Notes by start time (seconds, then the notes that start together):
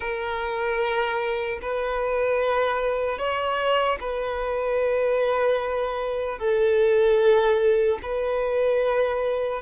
0.00 A#4
1.61 B4
3.18 C#5
4.00 B4
6.38 A4
8.02 B4